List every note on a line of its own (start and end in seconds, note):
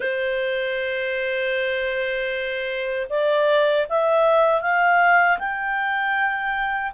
0.00 3.07 C5
3.09 3.86 D5
3.88 4.61 E5
4.61 5.38 F5
5.38 6.92 G5